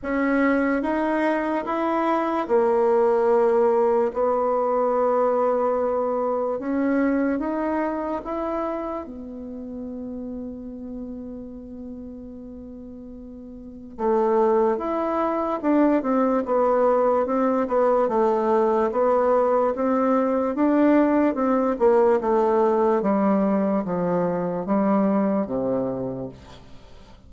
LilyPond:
\new Staff \with { instrumentName = "bassoon" } { \time 4/4 \tempo 4 = 73 cis'4 dis'4 e'4 ais4~ | ais4 b2. | cis'4 dis'4 e'4 b4~ | b1~ |
b4 a4 e'4 d'8 c'8 | b4 c'8 b8 a4 b4 | c'4 d'4 c'8 ais8 a4 | g4 f4 g4 c4 | }